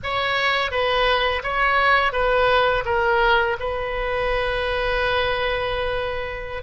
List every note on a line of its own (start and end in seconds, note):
0.03 0.71 C#5
0.71 1.42 B4
1.43 2.12 C#5
2.12 2.83 B4
2.85 3.56 A#4
3.59 6.62 B4